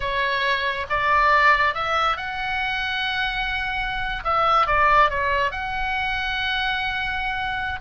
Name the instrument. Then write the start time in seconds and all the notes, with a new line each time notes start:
oboe
0.00 C#5
0.89 D5
1.74 E5
2.16 F#5
4.24 E5
4.66 D5
5.10 C#5
5.51 F#5